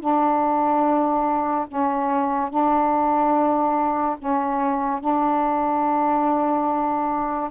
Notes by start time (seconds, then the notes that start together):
0.00 D4
1.68 C#4
2.50 D4
4.19 C#4
5.00 D4